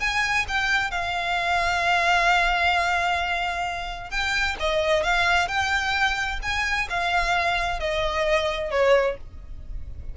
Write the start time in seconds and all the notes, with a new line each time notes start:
0.00 G#5
0.48 G5
0.91 F5
4.11 G5
4.60 D#5
5.03 F5
5.48 G5
6.42 G#5
6.90 F5
7.80 D#5
8.71 C#5